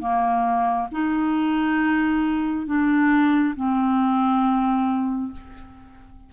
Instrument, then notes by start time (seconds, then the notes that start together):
clarinet
0.00 A#3
0.92 D#4
2.67 D4
3.56 C4